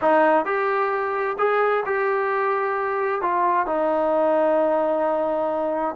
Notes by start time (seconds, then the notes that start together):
0.01 D#4
0.45 G4
1.38 G#4
1.85 G4
3.21 F4
3.66 D#4